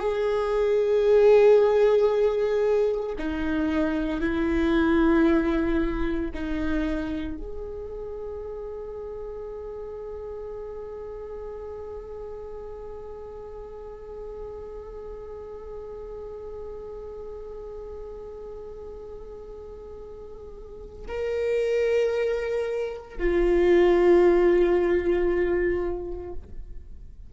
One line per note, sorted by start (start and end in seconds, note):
0.00 3.16 G#4
3.19 4.21 D#4
4.21 6.31 E4
6.34 7.38 D#4
7.38 21.06 G#4
21.08 23.18 A#4
23.18 26.33 F4